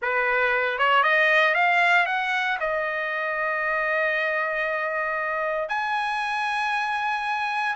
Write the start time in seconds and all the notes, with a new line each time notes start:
0.02 B4
0.78 C#5
1.03 D#5
1.54 F5
2.06 F#5
2.60 D#5
5.68 G#5